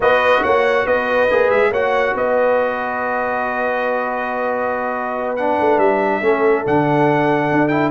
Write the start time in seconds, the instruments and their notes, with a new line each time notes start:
0.00 tuba B3, trombone F#4, horn B4, trumpet D#5
0.42 tuba A#3, horn C#5, trumpet F#5
0.85 tuba B3, horn B4, trumpet D#5
1.30 tuba A#3, trombone G#4
1.49 tuba G#3, trumpet E5
1.70 tuba A#3, trombone F#4, horn C#5, trumpet F#5
2.14 tuba B3, horn B4, trumpet D#5
5.36 trombone D4, trumpet F#5
5.60 tuba A3
5.78 tuba G3, trumpet E5
6.21 tuba A3, trombone C#4, horn A4
6.65 tuba D3, trombone D4, trumpet F#5
7.51 tuba D4
7.68 trombone E4, trumpet G5